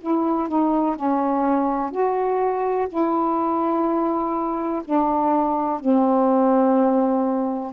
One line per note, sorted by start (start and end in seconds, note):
0.00 0.48 E4
0.48 0.95 D#4
0.95 1.90 C#4
1.90 2.87 F#4
2.88 4.82 E4
4.84 5.79 D4
5.79 7.72 C4